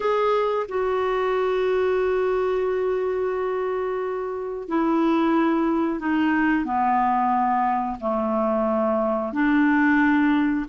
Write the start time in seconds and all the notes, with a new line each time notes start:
0.00 G#4
0.68 F#4
4.68 E4
5.99 D#4
6.65 B3
8.00 A3
9.32 D4